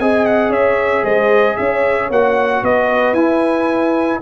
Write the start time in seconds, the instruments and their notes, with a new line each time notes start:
0.00 tuba C4, trombone G#4, horn D#5, trumpet G#5
0.26 trumpet F#5
0.50 tuba C#4, horn C#5, trumpet E5
1.03 tuba G#3, horn C5, trumpet D#5
1.57 tuba C#4, horn C#5, trumpet E5
2.10 tuba A#3, trombone F#4, trumpet F#5
2.63 tuba B3, horn B4, trumpet D#5
3.14 tuba E4, trombone E4, trumpet G#5